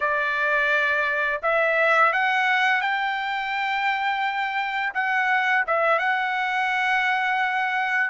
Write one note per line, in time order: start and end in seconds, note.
0.00 1.41 D5
1.42 2.12 E5
2.12 2.81 F#5
2.81 4.93 G5
4.94 5.64 F#5
5.66 5.98 E5
5.98 8.10 F#5